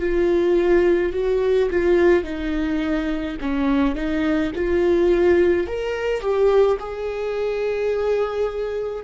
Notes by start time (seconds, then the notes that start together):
0.00 F4
1.13 F#4
1.71 F4
2.24 D#4
3.41 C#4
3.95 D#4
4.56 F4
5.68 A#4
6.21 G4
6.80 G#4